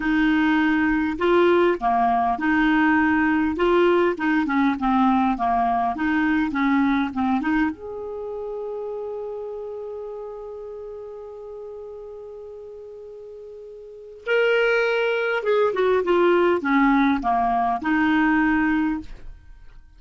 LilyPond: \new Staff \with { instrumentName = "clarinet" } { \time 4/4 \tempo 4 = 101 dis'2 f'4 ais4 | dis'2 f'4 dis'8 cis'8 | c'4 ais4 dis'4 cis'4 | c'8 dis'8 gis'2.~ |
gis'1~ | gis'1 | ais'2 gis'8 fis'8 f'4 | cis'4 ais4 dis'2 | }